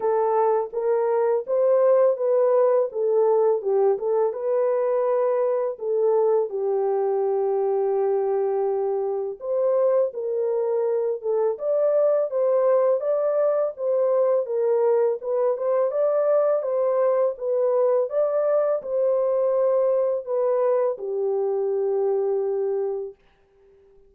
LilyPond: \new Staff \with { instrumentName = "horn" } { \time 4/4 \tempo 4 = 83 a'4 ais'4 c''4 b'4 | a'4 g'8 a'8 b'2 | a'4 g'2.~ | g'4 c''4 ais'4. a'8 |
d''4 c''4 d''4 c''4 | ais'4 b'8 c''8 d''4 c''4 | b'4 d''4 c''2 | b'4 g'2. | }